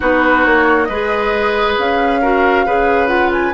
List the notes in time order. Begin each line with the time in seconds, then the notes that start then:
0.00 B3 D#4 F#4 B4
0.44 A#3 C#5
0.84 G#3 B4 D#5
0.90 G#4
1.78 C#4 F5
2.21 F#4 A#4
2.65 C#3 G#4 B4
3.07 F4 F#5
3.32 G#5